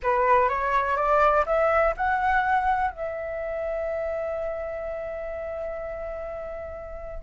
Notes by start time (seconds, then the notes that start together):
0.02 B4
0.48 C#5
0.96 D5
1.46 E5
1.97 F#5
2.91 E5